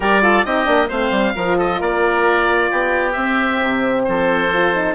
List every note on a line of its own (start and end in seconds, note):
0.00 0.45 G3
0.00 0.22 G4
0.00 0.22 A#4
0.00 0.45 D5
0.22 0.44 F4
0.22 0.45 A4
0.45 0.67 C4
0.45 0.65 D#4
0.45 0.88 G4
0.45 0.89 D#5
0.65 0.89 A#3
0.65 0.87 D4
0.88 1.10 A3
0.88 1.34 C4
0.88 1.33 C5
0.88 1.57 F5
1.10 1.33 G3
1.34 1.81 F3
1.34 3.15 F4
1.34 1.57 A#4
1.57 1.80 A4
1.57 1.81 D#5
1.80 2.71 A#3
1.80 2.70 A#4
1.80 3.12 D5
2.70 3.15 B3
2.70 4.05 G4
3.12 3.60 C4
3.12 4.51 C4
3.12 4.02 E5
3.62 4.07 C3
4.04 4.94 F3
4.04 4.94 A4
4.04 4.94 C5
4.52 4.73 F4
4.73 4.94 D#4